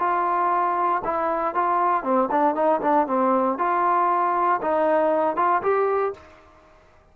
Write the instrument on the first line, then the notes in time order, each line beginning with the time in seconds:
trombone
0.00 F4
1.05 E4
1.55 F4
2.04 C4
2.31 D4
2.55 D#4
2.82 D4
3.07 C4
3.59 F4
4.62 D#4
5.37 F4
5.63 G4